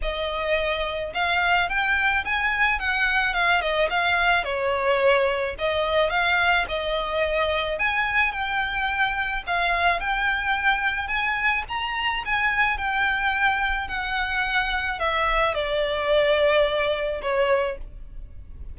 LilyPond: \new Staff \with { instrumentName = "violin" } { \time 4/4 \tempo 4 = 108 dis''2 f''4 g''4 | gis''4 fis''4 f''8 dis''8 f''4 | cis''2 dis''4 f''4 | dis''2 gis''4 g''4~ |
g''4 f''4 g''2 | gis''4 ais''4 gis''4 g''4~ | g''4 fis''2 e''4 | d''2. cis''4 | }